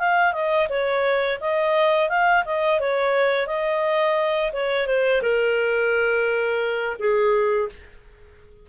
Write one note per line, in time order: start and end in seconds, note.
0.00 0.33 F5
0.33 0.68 D#5
0.70 1.40 C#5
1.41 2.10 D#5
2.10 2.45 F5
2.46 2.80 D#5
2.80 3.47 C#5
3.47 4.52 D#5
4.53 4.87 C#5
4.87 5.22 C5
5.23 6.97 A#4
7.00 7.69 G#4